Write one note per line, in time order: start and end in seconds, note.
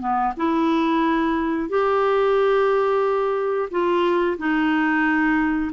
0.00 0.33 B3
0.37 1.69 E4
1.69 3.69 G4
3.71 4.37 F4
4.38 5.71 D#4